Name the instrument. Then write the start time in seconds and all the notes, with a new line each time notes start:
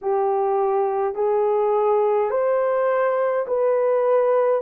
horn
0.01 G4
1.14 G#4
2.30 C5
3.47 B4